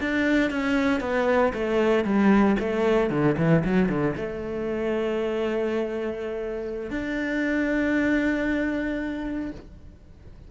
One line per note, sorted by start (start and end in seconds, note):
0.00 0.50 D4
0.50 1.00 C#4
1.00 1.52 B3
1.53 2.04 A3
2.04 2.56 G3
2.59 3.09 A3
3.09 3.36 D3
3.37 3.63 E3
3.64 3.89 F#3
3.89 4.15 D3
4.16 6.90 A3
6.90 9.51 D4